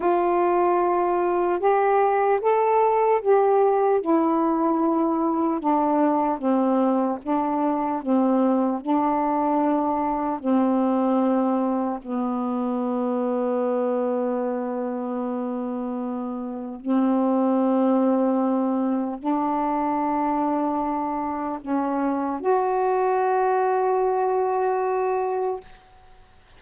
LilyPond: \new Staff \with { instrumentName = "saxophone" } { \time 4/4 \tempo 4 = 75 f'2 g'4 a'4 | g'4 e'2 d'4 | c'4 d'4 c'4 d'4~ | d'4 c'2 b4~ |
b1~ | b4 c'2. | d'2. cis'4 | fis'1 | }